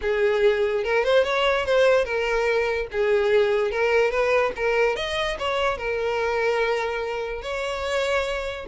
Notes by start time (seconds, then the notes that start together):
0.01 G#4
0.84 A#4
1.04 C5
1.24 C#5
1.65 C5
2.05 A#4
2.91 G#4
3.71 A#4
4.10 B4
4.56 A#4
4.95 D#5
5.38 C#5
5.77 A#4
7.41 C#5